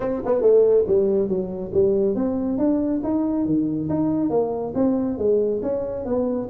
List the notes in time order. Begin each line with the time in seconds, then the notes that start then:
0.00 C4
0.25 B3
0.41 A3
0.87 G3
1.28 F#3
1.73 G3
2.15 C4
2.57 D4
3.03 D#4
3.45 D#3
3.89 D#4
4.29 A#3
4.74 C4
5.17 G#3
5.62 C#4
6.05 B3